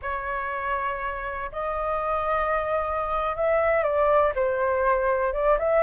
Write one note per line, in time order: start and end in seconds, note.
0.02 1.50 C#5
1.51 3.36 D#5
3.36 3.83 E5
3.83 4.32 D5
4.35 5.33 C5
5.33 5.57 D5
5.59 5.83 E5